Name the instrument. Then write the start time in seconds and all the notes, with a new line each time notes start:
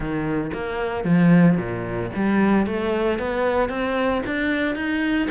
cello
0.00 D#3
0.53 A#3
1.04 F3
1.57 A#2
2.15 G3
2.66 A3
3.19 B3
3.69 C4
4.26 D4
4.75 D#4